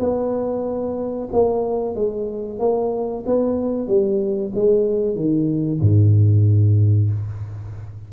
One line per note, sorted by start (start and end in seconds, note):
0.00 1.29 B3
1.33 1.96 A#3
1.96 2.60 G#3
2.60 3.24 A#3
3.27 3.88 B3
3.88 4.52 G3
4.55 5.16 G#3
5.16 5.81 D#3
5.82 7.11 G#2